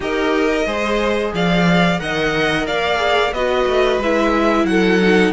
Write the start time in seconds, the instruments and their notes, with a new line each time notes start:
0.00 cello D#4, viola G4, violin A#4 D#5
0.65 cello G#3, viola G#4, violin C5
1.33 cello F3, violin D5 F5
1.99 cello D#3, viola A#4, violin D#5 F#5
2.66 cello A#3, violin D5 F5
2.96 viola G#4
3.32 cello B3, viola F#4, violin B4 D#5
3.66 cello A3
3.98 cello G#3, viola E4, violin E5
4.63 cello F#3, violin F#5
4.70 violin A4
5.01 viola D#4